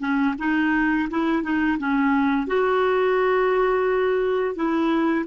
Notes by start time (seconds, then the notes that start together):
0.00 C#4
0.39 D#4
1.10 E4
1.43 D#4
1.79 C#4
2.47 F#4
4.55 E4